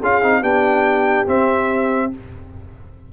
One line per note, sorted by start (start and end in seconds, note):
0.00 0.23 C#4
0.00 0.23 F4
0.00 0.41 G#4
0.00 0.44 F5
0.23 0.42 C4
0.23 0.43 D#4
0.41 1.26 B3
0.41 1.27 D4
0.41 2.10 G4
0.41 1.28 G5
1.28 2.12 C4
1.28 2.13 E5